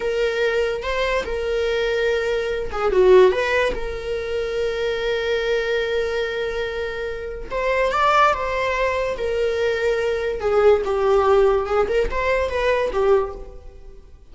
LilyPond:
\new Staff \with { instrumentName = "viola" } { \time 4/4 \tempo 4 = 144 ais'2 c''4 ais'4~ | ais'2~ ais'8 gis'8 fis'4 | b'4 ais'2.~ | ais'1~ |
ais'2 c''4 d''4 | c''2 ais'2~ | ais'4 gis'4 g'2 | gis'8 ais'8 c''4 b'4 g'4 | }